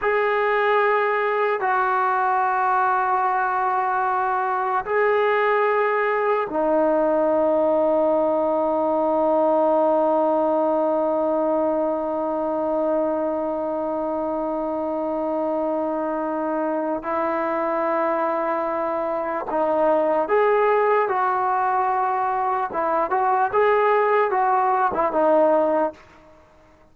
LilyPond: \new Staff \with { instrumentName = "trombone" } { \time 4/4 \tempo 4 = 74 gis'2 fis'2~ | fis'2 gis'2 | dis'1~ | dis'1~ |
dis'1~ | dis'4 e'2. | dis'4 gis'4 fis'2 | e'8 fis'8 gis'4 fis'8. e'16 dis'4 | }